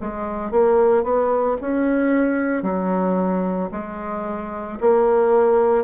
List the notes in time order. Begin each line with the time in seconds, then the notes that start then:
0.00 G#3
0.51 A#3
1.03 B3
1.61 C#4
2.62 F#3
3.71 G#3
4.80 A#3